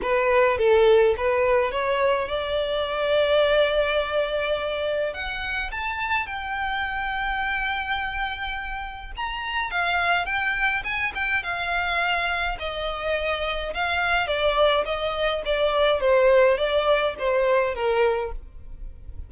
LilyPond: \new Staff \with { instrumentName = "violin" } { \time 4/4 \tempo 4 = 105 b'4 a'4 b'4 cis''4 | d''1~ | d''4 fis''4 a''4 g''4~ | g''1 |
ais''4 f''4 g''4 gis''8 g''8 | f''2 dis''2 | f''4 d''4 dis''4 d''4 | c''4 d''4 c''4 ais'4 | }